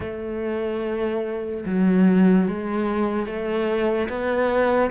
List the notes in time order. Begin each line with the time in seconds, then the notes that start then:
0.00 A3
1.65 F#3
2.47 G#3
3.26 A3
4.08 B3